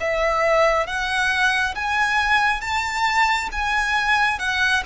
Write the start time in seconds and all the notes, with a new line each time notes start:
0.00 E5
0.86 F#5
1.75 G#5
2.61 A5
3.52 G#5
4.39 F#5